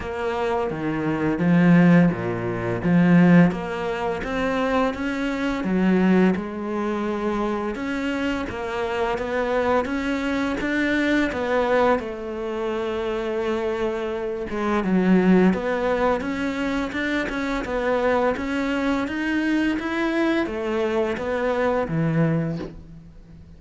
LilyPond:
\new Staff \with { instrumentName = "cello" } { \time 4/4 \tempo 4 = 85 ais4 dis4 f4 ais,4 | f4 ais4 c'4 cis'4 | fis4 gis2 cis'4 | ais4 b4 cis'4 d'4 |
b4 a2.~ | a8 gis8 fis4 b4 cis'4 | d'8 cis'8 b4 cis'4 dis'4 | e'4 a4 b4 e4 | }